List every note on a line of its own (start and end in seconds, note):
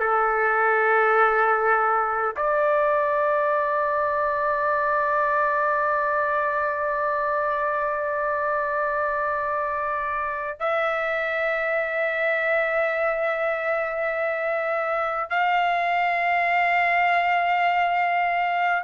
0.00 2.35 A4
2.36 10.59 D5
10.59 15.30 E5
15.30 18.83 F5